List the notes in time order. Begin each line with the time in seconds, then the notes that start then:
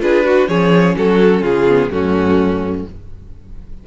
0.00 D4 F4 G#4 B4
0.24 F#4
0.47 F3 C#4 G#4 C#5
0.96 F#3 F#4 A4
1.41 C#3 F4 G#4
1.68 B3
1.90 F#2 A3 C#4 F#4